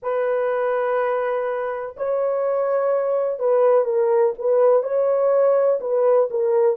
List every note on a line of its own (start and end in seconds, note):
0.02 1.95 B4
1.97 3.39 C#5
3.39 3.84 B4
3.84 4.33 A#4
4.38 4.83 B4
4.83 5.79 C#5
5.80 6.28 B4
6.30 6.76 A#4